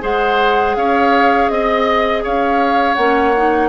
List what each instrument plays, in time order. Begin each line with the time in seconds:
0.00 bassoon G#3, clarinet G#4, oboe C5, flute F#5
0.75 bassoon C#4, oboe C#5, flute F5
1.48 bassoon C4, flute D#5, oboe D#5
2.23 bassoon C#4, oboe C#5, flute F5
2.94 bassoon A#3, clarinet C#4, flute F#5
3.35 clarinet D#4